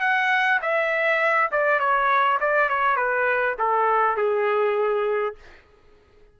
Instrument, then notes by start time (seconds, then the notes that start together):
trumpet
0.00 F#5
0.62 E5
1.51 D5
1.79 C#5
2.40 D5
2.69 C#5
2.96 B4
3.59 A4
4.17 G#4